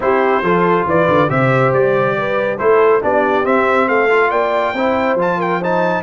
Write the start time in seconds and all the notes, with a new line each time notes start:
0.00 C4 E4 G4 C5
0.42 F3 F4 A4
0.85 E3 B4 D5
1.07 D3
1.28 C3 G4 C5 E5
1.73 G3 D5
2.17 B4
2.58 A3 E4 A4 C5
3.01 B3 D4 G4 D5
3.44 C4 E5
3.87 A3 A4 F5
4.09 F4
4.30 A#3 D5 G5
4.73 C4 E4 C5
5.14 F3 F4
5.21 A5
5.37 A#4 G5
5.59 D#4 C5 A5